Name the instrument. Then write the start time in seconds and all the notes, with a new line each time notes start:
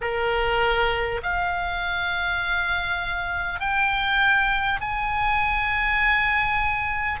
oboe
0.01 A#4
1.22 F5
3.59 G5
4.81 G#5